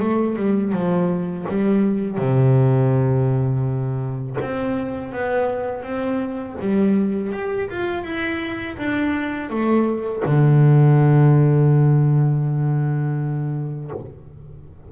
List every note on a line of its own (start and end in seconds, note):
0.00 0.36 A3
0.36 0.73 G3
0.73 1.46 F3
1.49 2.18 G3
2.18 4.37 C3
4.41 5.13 C4
5.13 5.83 B3
5.83 6.57 C4
6.61 7.33 G3
7.33 7.69 G4
7.70 8.04 F4
8.04 8.77 E4
8.78 9.50 D4
9.50 10.23 A3
10.26 13.92 D3